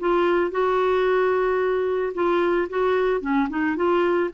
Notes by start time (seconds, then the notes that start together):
0.00 F4
0.51 F#4
2.15 F4
2.70 F#4
3.21 C#4
3.50 D#4
3.77 F4